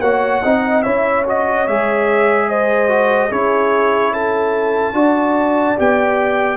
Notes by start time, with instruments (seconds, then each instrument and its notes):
0.00 tuba A#3, trombone F#4, horn C#5, trumpet F#5
0.42 tuba C4, trombone D#4, horn D#5
0.82 tuba C#4, trombone E4, horn C#5, trumpet E5
1.26 trombone F#4, trumpet D#5
1.67 tuba G#3, trombone G#4, trumpet E5
2.49 horn C5, trumpet D#5
2.88 trombone F#4
3.29 tuba C#4, trombone E4, horn G#4, trumpet C#5
4.12 horn A4, trumpet A5
4.93 tuba D4, trombone F#4, horn D5
5.77 tuba B3, trombone G4, trumpet G5